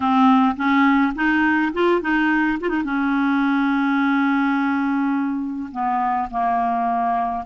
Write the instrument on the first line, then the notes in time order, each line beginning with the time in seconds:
clarinet
0.00 C4
0.56 C#4
1.15 D#4
1.73 F4
2.01 D#4
2.60 F4
2.68 D#4
2.84 C#4
5.71 B3
6.30 A#3